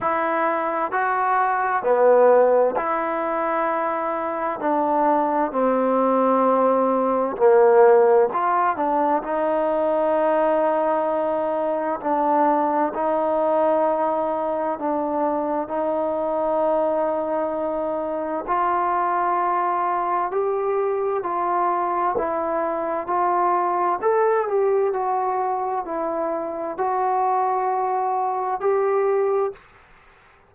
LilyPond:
\new Staff \with { instrumentName = "trombone" } { \time 4/4 \tempo 4 = 65 e'4 fis'4 b4 e'4~ | e'4 d'4 c'2 | ais4 f'8 d'8 dis'2~ | dis'4 d'4 dis'2 |
d'4 dis'2. | f'2 g'4 f'4 | e'4 f'4 a'8 g'8 fis'4 | e'4 fis'2 g'4 | }